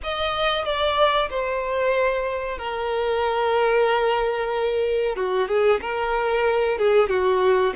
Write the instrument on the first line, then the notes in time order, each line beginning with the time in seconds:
violin
0.03 D#5
0.65 D5
1.30 C5
2.58 A#4
5.16 F#4
5.48 G#4
5.81 A#4
6.77 G#4
7.09 F#4